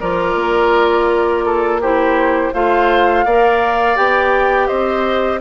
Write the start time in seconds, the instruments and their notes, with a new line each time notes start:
0.00 bassoon F3, clarinet F4, oboe A#4, flute D5
0.34 bassoon A#3
1.45 oboe A4
1.81 clarinet E4, oboe G4, flute C5
2.53 bassoon A3, clarinet F4, oboe C5, flute F5
3.25 bassoon A#3, clarinet A#4, oboe D5
3.96 bassoon B3, clarinet G4, flute G5
4.67 bassoon C4, oboe C5, flute D#5